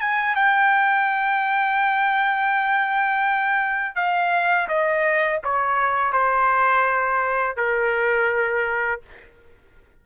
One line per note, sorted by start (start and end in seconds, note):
0.00 0.35 G#5
0.35 3.96 G5
3.96 4.68 F5
4.68 5.40 D#5
5.44 6.12 C#5
6.12 7.56 C5
7.56 9.01 A#4